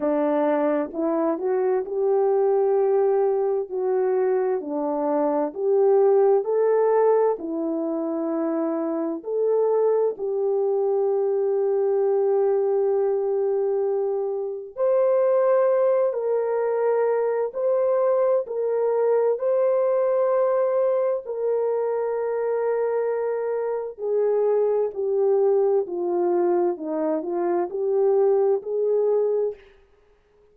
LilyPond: \new Staff \with { instrumentName = "horn" } { \time 4/4 \tempo 4 = 65 d'4 e'8 fis'8 g'2 | fis'4 d'4 g'4 a'4 | e'2 a'4 g'4~ | g'1 |
c''4. ais'4. c''4 | ais'4 c''2 ais'4~ | ais'2 gis'4 g'4 | f'4 dis'8 f'8 g'4 gis'4 | }